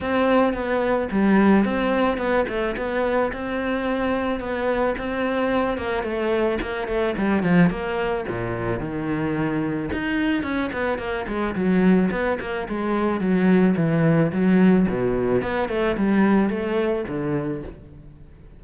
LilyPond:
\new Staff \with { instrumentName = "cello" } { \time 4/4 \tempo 4 = 109 c'4 b4 g4 c'4 | b8 a8 b4 c'2 | b4 c'4. ais8 a4 | ais8 a8 g8 f8 ais4 ais,4 |
dis2 dis'4 cis'8 b8 | ais8 gis8 fis4 b8 ais8 gis4 | fis4 e4 fis4 b,4 | b8 a8 g4 a4 d4 | }